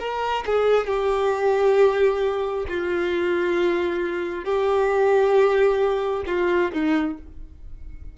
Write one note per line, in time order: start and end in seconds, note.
0.00 0.45 A#4
0.46 0.87 G#4
0.87 2.66 G4
2.69 4.45 F4
4.45 6.24 G4
6.27 6.72 F4
6.73 7.18 D#4